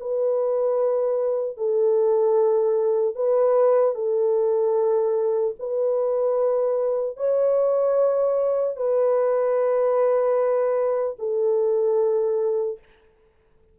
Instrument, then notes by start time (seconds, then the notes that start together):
horn
0.00 B4
1.57 A4
3.16 B4
3.95 A4
5.60 B4
7.17 C#5
8.77 B4
11.19 A4